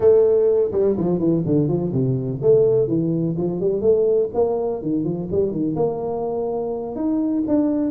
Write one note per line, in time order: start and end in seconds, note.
0.00 0.71 A3
0.72 0.96 G3
0.97 1.19 F3
1.19 1.43 E3
1.45 1.68 D3
1.68 1.92 F3
1.92 2.40 C3
2.42 2.87 A3
2.87 3.35 E3
3.37 3.60 F3
3.60 3.81 G3
3.81 4.29 A3
4.33 4.81 A#3
4.82 5.04 D#3
5.04 5.28 F3
5.31 5.51 G3
5.51 5.75 D#3
5.76 6.95 A#3
6.95 7.43 D#4
7.47 7.90 D4